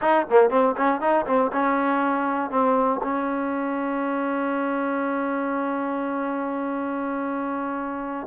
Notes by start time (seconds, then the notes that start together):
0.01 D#4
0.30 A#3
0.50 C4
0.77 C#4
1.00 D#4
1.26 C4
1.52 C#4
2.50 C4
3.02 C#4